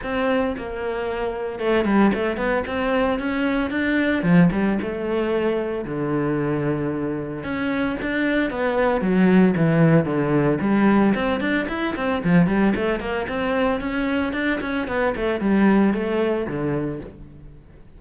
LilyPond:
\new Staff \with { instrumentName = "cello" } { \time 4/4 \tempo 4 = 113 c'4 ais2 a8 g8 | a8 b8 c'4 cis'4 d'4 | f8 g8 a2 d4~ | d2 cis'4 d'4 |
b4 fis4 e4 d4 | g4 c'8 d'8 e'8 c'8 f8 g8 | a8 ais8 c'4 cis'4 d'8 cis'8 | b8 a8 g4 a4 d4 | }